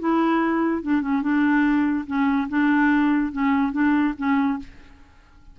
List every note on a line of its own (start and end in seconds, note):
0.00 0.83 E4
0.83 1.02 D4
1.02 1.23 C#4
1.23 2.06 D4
2.07 2.49 C#4
2.49 3.33 D4
3.33 3.73 C#4
3.73 4.15 D4
4.18 4.60 C#4